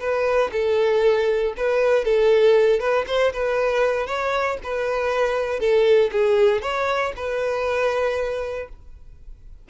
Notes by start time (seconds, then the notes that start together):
0.00 B4
0.53 A4
1.58 B4
2.05 A4
2.80 B4
3.08 C5
3.33 B4
4.07 C#5
4.64 B4
5.60 A4
6.12 G#4
6.62 C#5
7.17 B4